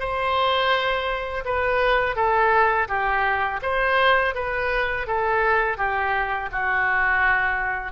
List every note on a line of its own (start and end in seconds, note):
0.00 1.45 C5
1.45 2.16 B4
2.16 2.88 A4
2.88 3.61 G4
3.62 4.35 C5
4.35 5.07 B4
5.08 5.78 A4
5.78 6.50 G4
6.52 7.93 F#4